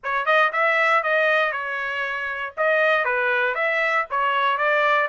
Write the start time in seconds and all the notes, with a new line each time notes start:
0.03 C#5
0.25 D#5
0.52 E5
1.03 D#5
1.51 C#5
2.57 D#5
3.04 B4
3.54 E5
4.10 C#5
4.57 D5